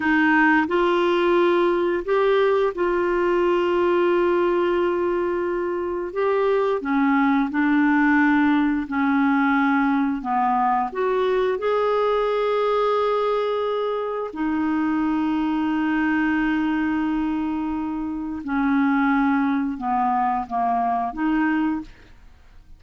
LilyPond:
\new Staff \with { instrumentName = "clarinet" } { \time 4/4 \tempo 4 = 88 dis'4 f'2 g'4 | f'1~ | f'4 g'4 cis'4 d'4~ | d'4 cis'2 b4 |
fis'4 gis'2.~ | gis'4 dis'2.~ | dis'2. cis'4~ | cis'4 b4 ais4 dis'4 | }